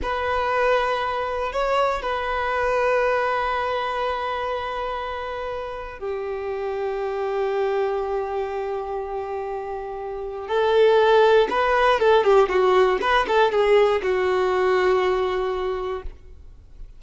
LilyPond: \new Staff \with { instrumentName = "violin" } { \time 4/4 \tempo 4 = 120 b'2. cis''4 | b'1~ | b'1 | g'1~ |
g'1~ | g'4 a'2 b'4 | a'8 g'8 fis'4 b'8 a'8 gis'4 | fis'1 | }